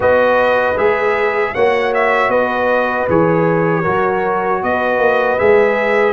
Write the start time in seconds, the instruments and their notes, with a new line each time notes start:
0.00 tuba B3, trombone F#4, horn B4, trumpet D#5
0.76 tuba G#3, trombone G#4, trumpet E5
1.53 tuba A#3, trombone F#4, horn C#5, trumpet F#5
1.94 trumpet E5
2.28 tuba B3, horn B4, trumpet D#5
3.08 tuba E3, trombone G#4, trumpet C#5
3.82 tuba F#3, trombone F#4, horn A#4
4.62 tuba B3, horn B4, trumpet D#5
4.98 tuba A#3
5.38 tuba G#3, trombone G#4, trumpet E5